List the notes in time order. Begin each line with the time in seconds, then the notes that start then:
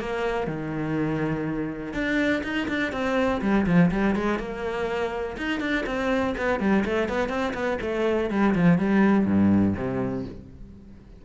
0.00 A#3
0.47 D#3
1.94 D4
2.44 D#4
2.68 D4
2.92 C4
3.42 G3
3.67 F3
3.91 G3
4.16 G#3
4.39 A#3
5.38 D#4
5.61 D4
5.87 C4
6.38 B3
6.60 G3
6.85 A3
7.09 B3
7.29 C4
7.54 B3
7.82 A3
8.31 G3
8.55 F3
8.78 G3
9.26 G2
9.77 C3